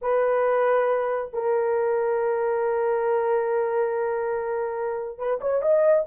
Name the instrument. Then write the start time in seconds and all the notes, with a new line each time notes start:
horn
0.01 B4
1.33 A#4
5.18 B4
5.40 C#5
5.61 D#5